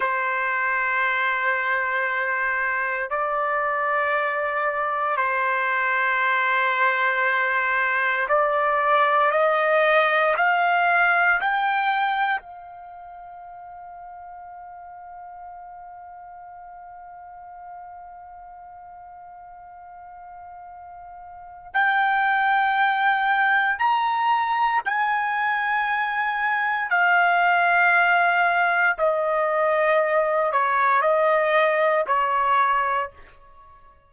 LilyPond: \new Staff \with { instrumentName = "trumpet" } { \time 4/4 \tempo 4 = 58 c''2. d''4~ | d''4 c''2. | d''4 dis''4 f''4 g''4 | f''1~ |
f''1~ | f''4 g''2 ais''4 | gis''2 f''2 | dis''4. cis''8 dis''4 cis''4 | }